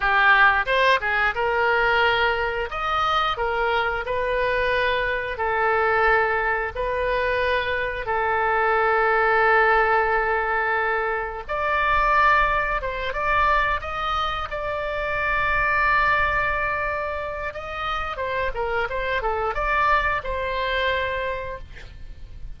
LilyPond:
\new Staff \with { instrumentName = "oboe" } { \time 4/4 \tempo 4 = 89 g'4 c''8 gis'8 ais'2 | dis''4 ais'4 b'2 | a'2 b'2 | a'1~ |
a'4 d''2 c''8 d''8~ | d''8 dis''4 d''2~ d''8~ | d''2 dis''4 c''8 ais'8 | c''8 a'8 d''4 c''2 | }